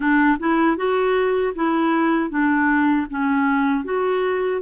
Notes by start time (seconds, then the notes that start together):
0.00 D4
0.39 E4
0.76 F#4
1.55 E4
2.29 D4
3.10 C#4
3.84 F#4